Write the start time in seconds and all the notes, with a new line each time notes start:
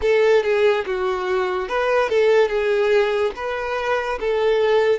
0.01 A4
0.43 G#4
0.86 F#4
1.68 B4
2.09 A4
2.48 G#4
3.35 B4
4.20 A4